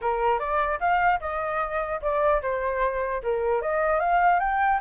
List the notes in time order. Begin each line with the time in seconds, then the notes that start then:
0.01 A#4
0.39 D5
0.80 F5
1.20 D#5
2.01 D5
2.41 C5
3.22 A#4
3.61 D#5
3.99 F5
4.39 G5